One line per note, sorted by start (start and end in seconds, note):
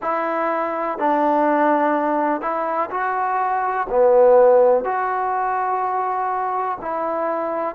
0.02 0.98 E4
0.98 2.41 D4
2.41 2.89 E4
2.90 3.87 F#4
3.89 4.84 B3
4.84 6.77 F#4
6.81 7.75 E4